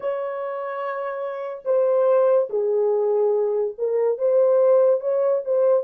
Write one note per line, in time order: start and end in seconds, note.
0.00 1.62 C#5
1.64 2.48 C5
2.49 3.74 G#4
3.77 4.18 A#4
4.18 5.00 C5
5.00 5.42 C#5
5.44 5.83 C5